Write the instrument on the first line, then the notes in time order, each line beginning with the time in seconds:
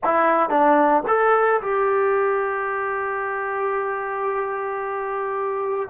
trombone
0.04 E4
0.49 D4
1.07 A4
1.61 G4